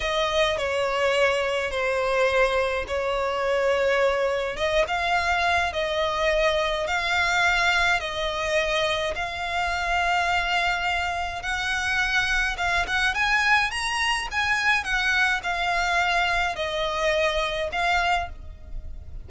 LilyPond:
\new Staff \with { instrumentName = "violin" } { \time 4/4 \tempo 4 = 105 dis''4 cis''2 c''4~ | c''4 cis''2. | dis''8 f''4. dis''2 | f''2 dis''2 |
f''1 | fis''2 f''8 fis''8 gis''4 | ais''4 gis''4 fis''4 f''4~ | f''4 dis''2 f''4 | }